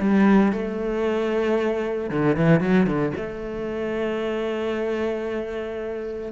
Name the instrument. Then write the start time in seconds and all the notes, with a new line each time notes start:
cello
0.00 G3
0.52 A3
2.10 D3
2.36 E3
2.60 F#3
2.87 D3
3.17 A3